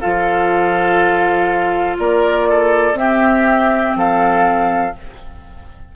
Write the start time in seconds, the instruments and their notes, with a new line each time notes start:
0.00 bassoon F3, clarinet F4, oboe A4, flute F5
1.99 bassoon A#3, oboe A#4, flute D5
2.50 oboe A4
2.93 bassoon C4, clarinet C4, flute E5
2.99 oboe G4
3.95 bassoon F3, oboe A4, flute F5